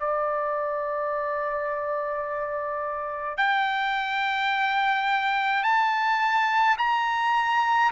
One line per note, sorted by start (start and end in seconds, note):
0.00 3.38 D5
3.38 5.63 G5
5.63 6.77 A5
6.78 7.91 A#5